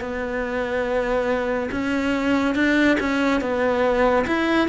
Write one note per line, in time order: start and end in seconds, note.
0.00 1.69 B3
1.71 2.55 C#4
2.55 2.97 D4
3.00 3.41 C#4
3.41 4.25 B3
4.27 4.68 E4